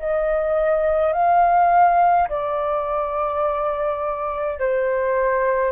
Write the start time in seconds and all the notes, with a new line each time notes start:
0.00 D#5
1.13 F5
2.29 D5
4.59 C5